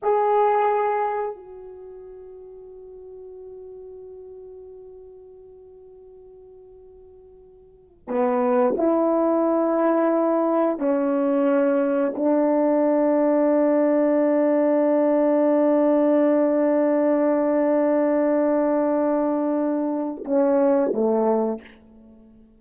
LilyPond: \new Staff \with { instrumentName = "horn" } { \time 4/4 \tempo 4 = 89 gis'2 fis'2~ | fis'1~ | fis'1 | b4 e'2. |
cis'2 d'2~ | d'1~ | d'1~ | d'2 cis'4 a4 | }